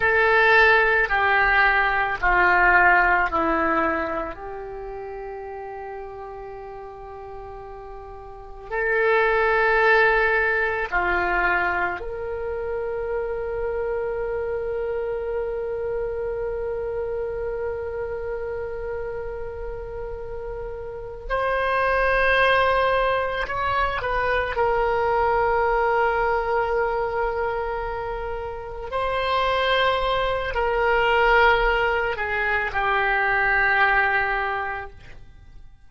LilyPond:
\new Staff \with { instrumentName = "oboe" } { \time 4/4 \tempo 4 = 55 a'4 g'4 f'4 e'4 | g'1 | a'2 f'4 ais'4~ | ais'1~ |
ais'2.~ ais'8 c''8~ | c''4. cis''8 b'8 ais'4.~ | ais'2~ ais'8 c''4. | ais'4. gis'8 g'2 | }